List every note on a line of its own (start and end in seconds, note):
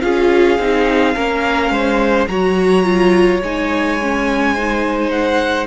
0.00 0.58 C#4
0.00 0.58 F4
0.00 1.15 G#4
0.00 2.26 F5
0.58 1.15 C4
0.58 1.15 D#4
1.15 1.69 A#3
1.15 2.28 C#4
1.15 1.71 A#4
1.69 2.26 G#3
1.69 2.28 C5
2.27 3.41 F#3
2.27 2.83 F#4
2.27 4.54 C#5
2.27 3.40 A#5
2.83 3.40 F4
3.41 5.67 G#3
3.41 4.00 D#4
3.41 5.10 G#5
4.01 4.57 C#4
4.54 5.67 D#4
4.54 5.67 C5
5.10 5.67 F#5